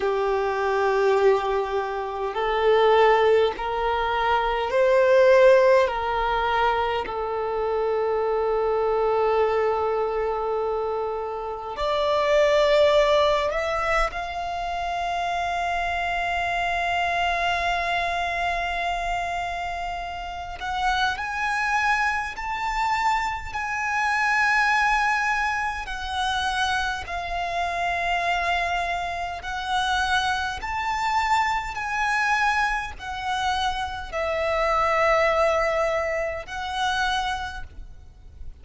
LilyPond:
\new Staff \with { instrumentName = "violin" } { \time 4/4 \tempo 4 = 51 g'2 a'4 ais'4 | c''4 ais'4 a'2~ | a'2 d''4. e''8 | f''1~ |
f''4. fis''8 gis''4 a''4 | gis''2 fis''4 f''4~ | f''4 fis''4 a''4 gis''4 | fis''4 e''2 fis''4 | }